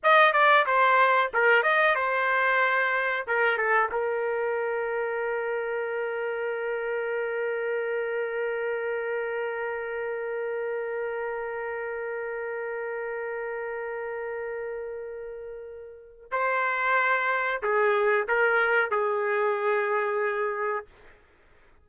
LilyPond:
\new Staff \with { instrumentName = "trumpet" } { \time 4/4 \tempo 4 = 92 dis''8 d''8 c''4 ais'8 dis''8 c''4~ | c''4 ais'8 a'8 ais'2~ | ais'1~ | ais'1~ |
ais'1~ | ais'1~ | ais'4 c''2 gis'4 | ais'4 gis'2. | }